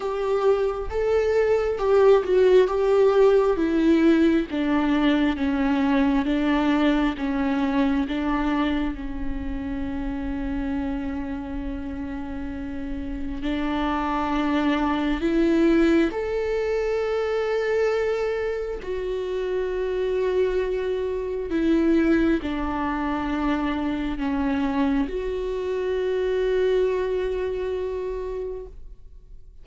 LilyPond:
\new Staff \with { instrumentName = "viola" } { \time 4/4 \tempo 4 = 67 g'4 a'4 g'8 fis'8 g'4 | e'4 d'4 cis'4 d'4 | cis'4 d'4 cis'2~ | cis'2. d'4~ |
d'4 e'4 a'2~ | a'4 fis'2. | e'4 d'2 cis'4 | fis'1 | }